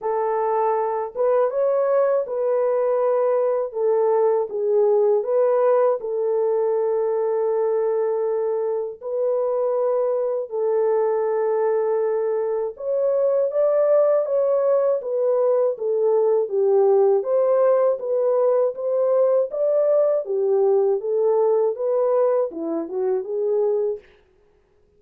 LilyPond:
\new Staff \with { instrumentName = "horn" } { \time 4/4 \tempo 4 = 80 a'4. b'8 cis''4 b'4~ | b'4 a'4 gis'4 b'4 | a'1 | b'2 a'2~ |
a'4 cis''4 d''4 cis''4 | b'4 a'4 g'4 c''4 | b'4 c''4 d''4 g'4 | a'4 b'4 e'8 fis'8 gis'4 | }